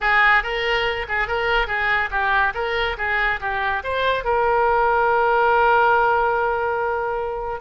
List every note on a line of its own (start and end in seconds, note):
0.00 0.43 G#4
0.43 1.06 A#4
1.08 1.27 G#4
1.27 1.67 A#4
1.67 2.09 G#4
2.10 2.53 G4
2.54 2.96 A#4
2.97 3.40 G#4
3.40 3.82 G4
3.83 4.24 C5
4.24 7.60 A#4